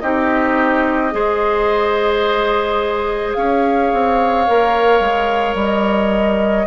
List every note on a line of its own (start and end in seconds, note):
0.00 1.13 C4
0.00 1.12 D#4
0.00 1.14 G4
0.00 3.33 D#5
1.12 3.36 G#3
1.12 4.45 G#4
1.12 3.37 C5
3.34 3.92 C#4
3.34 6.67 C#5
3.34 5.56 F5
3.93 4.48 C4
4.47 5.00 A#3
4.47 6.67 A#4
5.00 5.55 G#3
5.55 6.66 G3
5.61 6.67 D#5